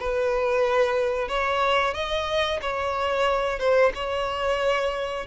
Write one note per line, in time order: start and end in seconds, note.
0.00 1.29 B4
1.29 1.95 C#5
1.95 2.60 D#5
2.62 3.60 C#5
3.60 3.93 C5
3.95 5.27 C#5